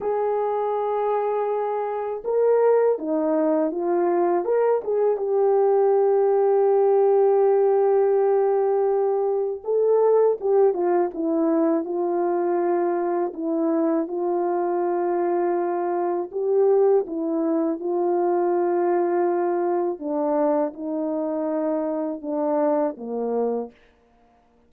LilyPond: \new Staff \with { instrumentName = "horn" } { \time 4/4 \tempo 4 = 81 gis'2. ais'4 | dis'4 f'4 ais'8 gis'8 g'4~ | g'1~ | g'4 a'4 g'8 f'8 e'4 |
f'2 e'4 f'4~ | f'2 g'4 e'4 | f'2. d'4 | dis'2 d'4 ais4 | }